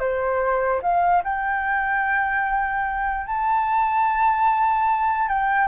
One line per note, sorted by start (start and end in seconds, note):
0.00 0.81 C5
0.83 1.23 F5
1.24 3.27 G5
3.27 5.29 A5
5.29 5.68 G5